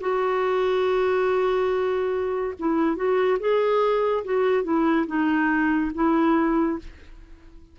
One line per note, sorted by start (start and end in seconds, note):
0.00 2.54 F#4
2.59 2.96 E4
2.96 3.38 F#4
3.40 4.24 G#4
4.24 4.63 F#4
4.63 5.06 E4
5.07 5.91 D#4
5.94 6.79 E4